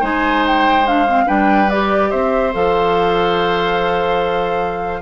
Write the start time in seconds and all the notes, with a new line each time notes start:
0.00 G#3 D#4 C5 G#5
0.47 G5
0.86 D4 F5
1.08 C4
1.26 G3 D4 B4 G5
1.70 G4 D5
2.10 C4 C5 E5
2.53 F3 A4 F5